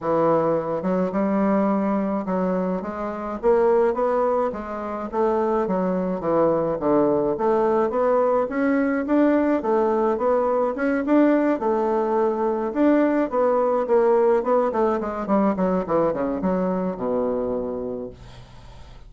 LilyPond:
\new Staff \with { instrumentName = "bassoon" } { \time 4/4 \tempo 4 = 106 e4. fis8 g2 | fis4 gis4 ais4 b4 | gis4 a4 fis4 e4 | d4 a4 b4 cis'4 |
d'4 a4 b4 cis'8 d'8~ | d'8 a2 d'4 b8~ | b8 ais4 b8 a8 gis8 g8 fis8 | e8 cis8 fis4 b,2 | }